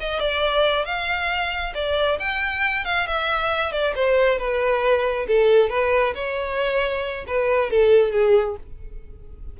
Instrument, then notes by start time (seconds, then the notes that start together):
violin
0.00 D#5
0.20 D5
0.85 F5
1.74 D5
2.19 G5
2.85 F5
3.07 E5
3.72 D5
3.95 C5
4.38 B4
5.28 A4
5.70 B4
6.15 C#5
7.27 B4
7.70 A4
8.12 G#4